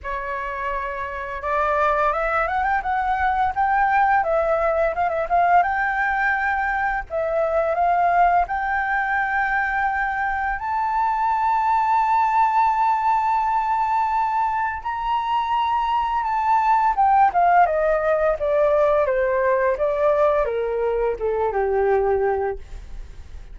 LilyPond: \new Staff \with { instrumentName = "flute" } { \time 4/4 \tempo 4 = 85 cis''2 d''4 e''8 fis''16 g''16 | fis''4 g''4 e''4 f''16 e''16 f''8 | g''2 e''4 f''4 | g''2. a''4~ |
a''1~ | a''4 ais''2 a''4 | g''8 f''8 dis''4 d''4 c''4 | d''4 ais'4 a'8 g'4. | }